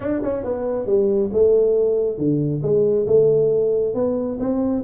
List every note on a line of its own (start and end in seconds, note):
0.00 0.21 D4
0.23 0.44 C#4
0.44 0.86 B3
0.86 1.30 G3
1.33 2.18 A3
2.18 2.61 D3
2.62 3.06 G#3
3.07 3.94 A3
3.94 4.38 B3
4.39 4.83 C4